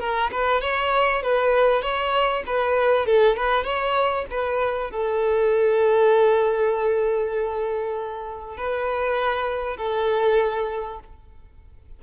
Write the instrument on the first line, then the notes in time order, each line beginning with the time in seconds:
violin
0.00 A#4
0.32 B4
0.62 C#5
1.22 B4
1.82 C#5
2.47 B4
3.06 A4
3.37 B4
3.64 C#5
4.31 B4
4.91 A4
8.57 B4
9.77 A4